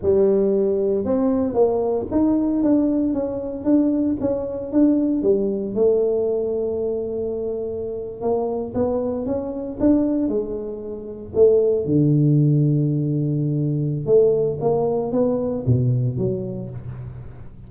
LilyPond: \new Staff \with { instrumentName = "tuba" } { \time 4/4 \tempo 4 = 115 g2 c'4 ais4 | dis'4 d'4 cis'4 d'4 | cis'4 d'4 g4 a4~ | a2.~ a8. ais16~ |
ais8. b4 cis'4 d'4 gis16~ | gis4.~ gis16 a4 d4~ d16~ | d2. a4 | ais4 b4 b,4 fis4 | }